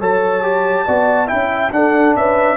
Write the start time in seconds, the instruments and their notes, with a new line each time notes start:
0.00 tuba F#3, trombone A4, horn C#5, trumpet A5
0.43 trombone G4
0.86 tuba B3, trombone F#4, horn D5
1.27 tuba C#4, trombone E4, horn E5, trumpet G5
1.72 tuba D4, trombone D4, horn A4, trumpet F#5
2.16 tuba C#4, horn B4, trumpet E5